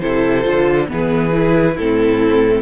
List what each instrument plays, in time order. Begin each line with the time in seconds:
0.00 cello C3, viola E4, violin A4 C5
0.43 cello D3, viola F4
0.88 cello E3, viola B3, violin G#4 B4
1.32 viola E4
1.74 cello A2, viola C4, violin E4 A4